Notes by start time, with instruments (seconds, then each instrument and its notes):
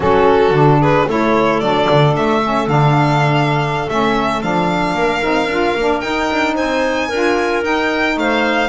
0.00 double bass F#3, saxophone C#4, clarinet F#4, violin A4
0.50 double bass D3, saxophone D4
0.79 clarinet G#4, violin B4
1.07 double bass A3, saxophone E4, clarinet A4, violin C#5
1.59 double bass F#3, saxophone D4, violin D5
1.90 double bass D3
2.16 double bass A3, violin E5
2.43 saxophone C#4
2.67 double bass D3, saxophone D4, violin F5
3.88 double bass A3, saxophone C#4, violin E5
4.42 double bass F3, saxophone D4, violin F5
4.94 double bass A#3, clarinet A#4
5.21 double bass C4, saxophone D#4
5.47 double bass D4, saxophone F4
5.75 double bass A#3, saxophone D4
6.00 double bass D#4, saxophone D#4, violin G5
6.31 double bass D4
6.54 double bass C4, clarinet C5, violin G#5
7.08 double bass D4, saxophone F4, clarinet A#4
7.62 saxophone D#4, double bass D#4, violin G5
8.16 double bass A3, clarinet C5, violin F5